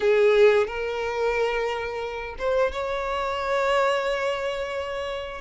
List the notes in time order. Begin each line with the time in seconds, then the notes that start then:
0.00 G#4
0.67 A#4
2.38 C5
2.72 C#5